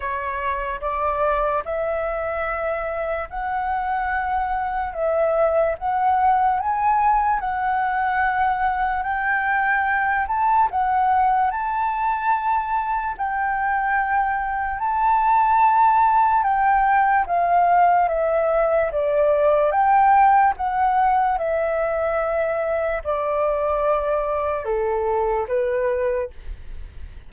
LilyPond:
\new Staff \with { instrumentName = "flute" } { \time 4/4 \tempo 4 = 73 cis''4 d''4 e''2 | fis''2 e''4 fis''4 | gis''4 fis''2 g''4~ | g''8 a''8 fis''4 a''2 |
g''2 a''2 | g''4 f''4 e''4 d''4 | g''4 fis''4 e''2 | d''2 a'4 b'4 | }